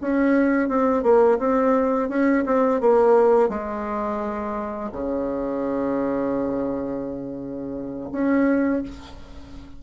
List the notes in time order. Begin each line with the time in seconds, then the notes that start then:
0.00 C#4
0.68 C4
1.02 A#3
1.38 C4
2.09 C#4
2.45 C4
2.80 A#3
3.48 G#3
4.92 C#3
8.11 C#4